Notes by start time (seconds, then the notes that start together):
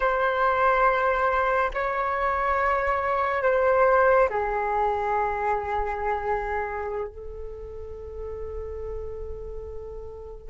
0.00 C5
1.74 C#5
3.42 C5
4.29 G#4
7.07 A4